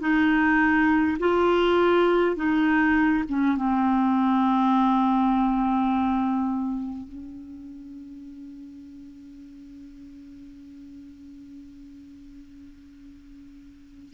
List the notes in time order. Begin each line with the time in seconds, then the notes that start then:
0.00 D#4
1.19 F4
2.36 D#4
3.29 C#4
3.57 C4
7.08 C#4